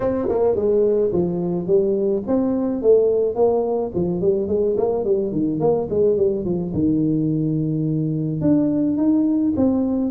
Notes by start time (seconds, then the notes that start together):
0.00 C4
0.28 A#3
0.55 G#3
1.12 F3
1.66 G3
2.27 C4
2.82 A3
3.35 A#3
3.94 F3
4.21 G3
4.48 G#3
4.77 A#3
5.04 G3
5.32 D#3
5.59 A#3
5.90 G#3
6.17 G3
6.44 F3
6.73 D#3
8.41 D4
8.97 D#4
9.56 C4